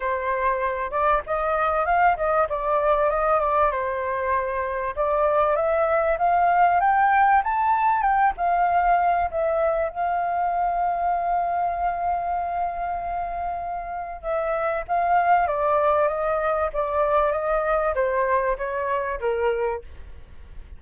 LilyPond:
\new Staff \with { instrumentName = "flute" } { \time 4/4 \tempo 4 = 97 c''4. d''8 dis''4 f''8 dis''8 | d''4 dis''8 d''8 c''2 | d''4 e''4 f''4 g''4 | a''4 g''8 f''4. e''4 |
f''1~ | f''2. e''4 | f''4 d''4 dis''4 d''4 | dis''4 c''4 cis''4 ais'4 | }